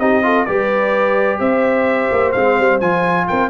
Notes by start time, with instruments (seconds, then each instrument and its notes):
0.00 tuba C4, trombone D#4, horn G4, trumpet D#5
0.23 trombone F4, horn A4
0.46 tuba G3, trombone G4, horn B4, trumpet D5
1.40 tuba C4, horn C5, trumpet E5
2.12 tuba A#3
2.32 tuba G#3, trombone C4, trumpet F5
2.59 tuba G3
2.81 tuba F3, trombone F4, trumpet G#5
3.28 tuba C4, horn A#4, trumpet G5